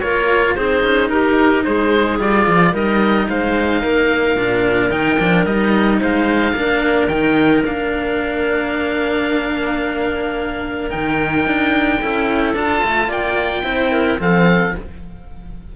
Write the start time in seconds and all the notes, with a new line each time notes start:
0.00 A#3 F4 A#4 C#5
0.56 C4 D#4 G#4 C5
0.83 C#4
1.10 D#4 G4 A#4
1.64 G#3 G#4 C5
2.19 G3 F4 D5
2.47 F3
2.72 G3 D#4 A#4 D#5
3.29 G#3 C5 F5
3.82 A#3 A#4
4.36 A#2 D4
4.91 D#3 D#4 G5
5.19 F3 D4
5.46 G3 D#4 D#5
5.99 G#3 C5 F5
6.53 A#3 D4 A#4
7.08 D#3 D#4 G5
7.65 A#3 D4 F5
10.90 D#3 D#4 G5
11.47 D4
12.01 C#4 E4 A4
12.54 D4 F4 A5
12.84 A3
13.08 A#3 D5 G5
13.64 C4 E4 C5
13.92 A#4
14.19 F3 C4 A4 F5